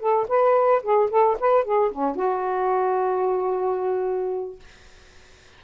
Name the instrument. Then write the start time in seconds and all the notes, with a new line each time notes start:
saxophone
0.00 A4
0.29 B4
0.83 G#4
1.10 A4
1.40 B4
1.64 G#4
1.92 C#4
2.16 F#4